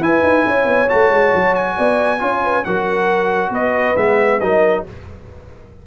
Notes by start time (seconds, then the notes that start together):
0.00 E4 B4 G#5
0.23 D#4
0.46 C#4 C#5
0.65 B3
0.89 A3 F#4 A5
1.11 G#3
1.34 F#3
1.55 G#5
1.77 B3 D5
2.19 C#4 F4 C#5
2.44 B4
2.64 F#3 F#4 A#4 F#5
3.50 B3 B4 D#5
3.96 G#3 B3 E5
4.40 F#3 D#4 A#4 D#5